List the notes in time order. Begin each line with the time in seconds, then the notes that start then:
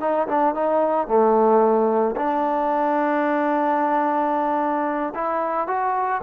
0.00 D#4
0.28 D4
0.54 D#4
1.07 A3
2.16 D4
5.14 E4
5.67 F#4